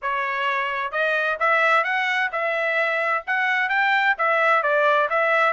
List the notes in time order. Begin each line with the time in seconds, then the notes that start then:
0.01 C#5
0.91 D#5
1.39 E5
1.84 F#5
2.31 E5
3.26 F#5
3.69 G5
4.17 E5
4.62 D5
5.09 E5